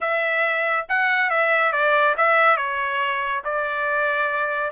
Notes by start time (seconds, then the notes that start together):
0.00 E5
0.88 F#5
1.30 E5
1.72 D5
2.17 E5
2.57 C#5
3.44 D5